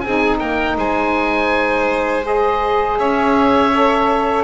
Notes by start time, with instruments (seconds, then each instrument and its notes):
0.00 double bass C4, saxophone D#4, violin G#4, oboe G#5
0.39 double bass A#3, violin A#4, oboe G5
0.77 double bass G#3, violin C5, oboe G#5
2.23 saxophone G#4, oboe D#5
2.99 double bass C#4, violin C#5, oboe E5
3.74 saxophone A4